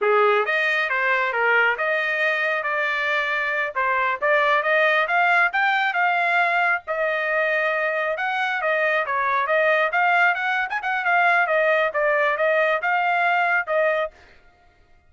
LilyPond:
\new Staff \with { instrumentName = "trumpet" } { \time 4/4 \tempo 4 = 136 gis'4 dis''4 c''4 ais'4 | dis''2 d''2~ | d''8 c''4 d''4 dis''4 f''8~ | f''8 g''4 f''2 dis''8~ |
dis''2~ dis''8 fis''4 dis''8~ | dis''8 cis''4 dis''4 f''4 fis''8~ | fis''16 gis''16 fis''8 f''4 dis''4 d''4 | dis''4 f''2 dis''4 | }